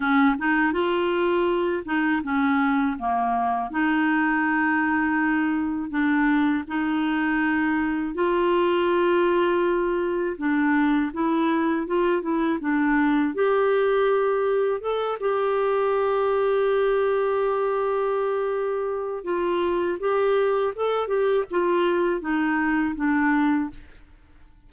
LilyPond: \new Staff \with { instrumentName = "clarinet" } { \time 4/4 \tempo 4 = 81 cis'8 dis'8 f'4. dis'8 cis'4 | ais4 dis'2. | d'4 dis'2 f'4~ | f'2 d'4 e'4 |
f'8 e'8 d'4 g'2 | a'8 g'2.~ g'8~ | g'2 f'4 g'4 | a'8 g'8 f'4 dis'4 d'4 | }